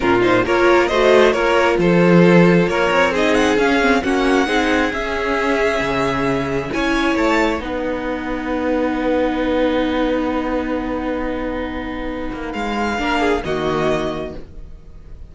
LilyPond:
<<
  \new Staff \with { instrumentName = "violin" } { \time 4/4 \tempo 4 = 134 ais'8 c''8 cis''4 dis''4 cis''4 | c''2 cis''4 dis''8 fis''8 | f''4 fis''2 e''4~ | e''2. gis''4 |
a''4 fis''2.~ | fis''1~ | fis''1 | f''2 dis''2 | }
  \new Staff \with { instrumentName = "violin" } { \time 4/4 f'4 ais'4 c''4 ais'4 | a'2 ais'4 gis'4~ | gis'4 fis'4 gis'2~ | gis'2. cis''4~ |
cis''4 b'2.~ | b'1~ | b'1~ | b'4 ais'8 gis'8 fis'2 | }
  \new Staff \with { instrumentName = "viola" } { \time 4/4 cis'8 dis'8 f'4 fis'4 f'4~ | f'2. dis'4 | cis'8 c'8 cis'4 dis'4 cis'4~ | cis'2. e'4~ |
e'4 dis'2.~ | dis'1~ | dis'1~ | dis'4 d'4 ais2 | }
  \new Staff \with { instrumentName = "cello" } { \time 4/4 ais,4 ais4 a4 ais4 | f2 ais8 c'4. | cis'4 ais4 c'4 cis'4~ | cis'4 cis2 cis'4 |
a4 b2.~ | b1~ | b2.~ b8 ais8 | gis4 ais4 dis2 | }
>>